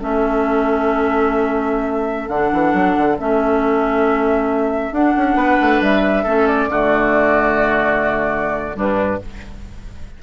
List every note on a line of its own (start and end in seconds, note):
0.00 2.29 A3
0.00 2.30 C#4
0.00 5.36 A4
0.00 2.29 E5
2.29 2.51 D3
2.29 3.19 D4
2.29 3.17 F#5
2.53 2.74 E3
2.74 2.96 F#3
2.98 3.20 D3
3.19 4.92 A3
3.19 4.94 C#4
3.19 4.94 E5
4.92 5.14 D4
4.92 6.26 D4
4.92 5.82 F#5
5.17 5.36 C#4
5.36 5.57 B3
5.36 6.24 B4
5.61 5.81 A3
5.81 6.25 G3
5.81 6.47 E5
6.24 6.68 A3
6.24 6.70 C#4
6.24 6.68 A4
6.47 8.77 D5
6.68 8.76 D3
6.68 8.73 A3
6.68 8.77 F#4
8.73 9.21 G2
8.73 9.17 G3
8.73 9.21 D4
8.79 9.23 B4